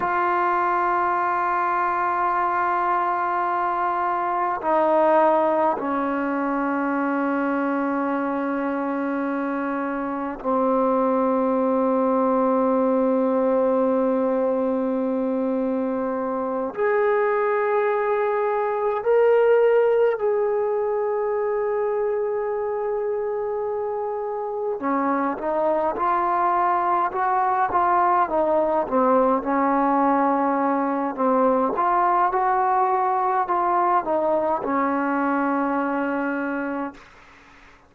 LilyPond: \new Staff \with { instrumentName = "trombone" } { \time 4/4 \tempo 4 = 52 f'1 | dis'4 cis'2.~ | cis'4 c'2.~ | c'2~ c'8 gis'4.~ |
gis'8 ais'4 gis'2~ gis'8~ | gis'4. cis'8 dis'8 f'4 fis'8 | f'8 dis'8 c'8 cis'4. c'8 f'8 | fis'4 f'8 dis'8 cis'2 | }